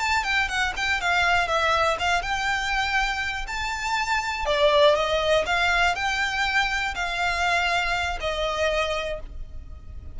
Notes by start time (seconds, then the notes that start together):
0.00 A5
0.24 G5
0.48 F#5
0.76 G5
1.01 F5
1.48 E5
1.99 F5
2.22 G5
3.48 A5
4.46 D5
4.95 D#5
5.46 F5
5.95 G5
6.95 F5
8.20 D#5